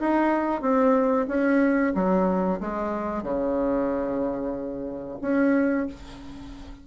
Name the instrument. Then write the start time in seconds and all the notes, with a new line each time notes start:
bassoon
0.00 D#4
0.61 C4
1.28 C#4
1.94 F#3
2.60 G#3
3.23 C#3
5.21 C#4